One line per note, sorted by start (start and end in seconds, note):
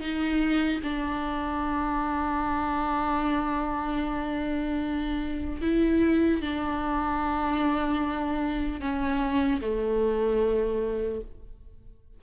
0.00 0.80 D#4
0.84 5.61 D4
5.61 6.41 E4
6.41 8.81 D4
8.81 9.61 C#4
9.61 11.21 A3